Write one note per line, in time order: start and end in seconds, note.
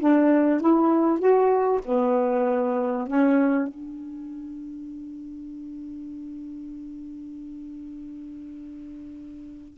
0.00 0.61 D4
0.61 1.19 E4
1.19 1.81 F#4
1.85 3.08 B3
3.08 3.68 C#4
3.68 9.78 D4